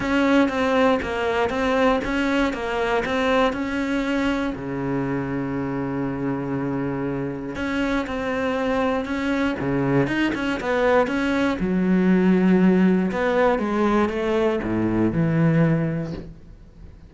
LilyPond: \new Staff \with { instrumentName = "cello" } { \time 4/4 \tempo 4 = 119 cis'4 c'4 ais4 c'4 | cis'4 ais4 c'4 cis'4~ | cis'4 cis2.~ | cis2. cis'4 |
c'2 cis'4 cis4 | dis'8 cis'8 b4 cis'4 fis4~ | fis2 b4 gis4 | a4 a,4 e2 | }